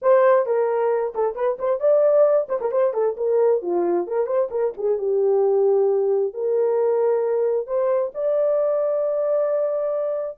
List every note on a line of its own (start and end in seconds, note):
0.01 0.46 C5
0.46 1.13 A#4
1.14 1.35 A4
1.35 1.57 B4
1.59 1.79 C5
1.79 2.47 D5
2.49 2.60 C5
2.60 2.71 A#4
2.71 2.93 C5
2.93 3.16 A4
3.17 3.62 A#4
3.62 4.07 F4
4.07 4.26 A#4
4.26 4.48 C5
4.51 4.73 A#4
4.77 4.98 G#4
4.98 6.33 G4
6.33 7.67 A#4
7.67 8.12 C5
8.14 10.37 D5